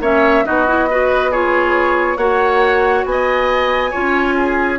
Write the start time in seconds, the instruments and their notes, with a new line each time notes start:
0.00 bassoon A#3, clarinet C#4, oboe C#5, flute E5
0.44 bassoon B3, clarinet D#4, oboe F#4, flute D#5
0.67 clarinet E4
0.90 clarinet F#4, oboe B4
1.31 clarinet F4, oboe G#4, flute C#5
2.17 bassoon A#3, clarinet F#4, oboe C#5, flute F#5
3.05 bassoon B3, oboe D#5, flute G#5
3.90 bassoon C#4, clarinet F4, oboe C#5
4.37 oboe G#4